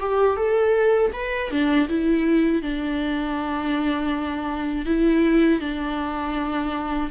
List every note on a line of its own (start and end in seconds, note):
0.00 0.37 G4
0.37 1.12 A4
1.14 1.51 B4
1.51 1.89 D4
1.89 2.62 E4
2.62 4.86 D4
4.86 5.61 E4
5.61 7.11 D4